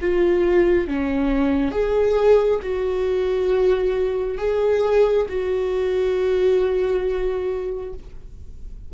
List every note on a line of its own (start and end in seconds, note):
0.00 0.87 F4
0.87 1.71 C#4
1.71 2.59 G#4
2.62 4.38 F#4
4.38 5.26 G#4
5.28 7.93 F#4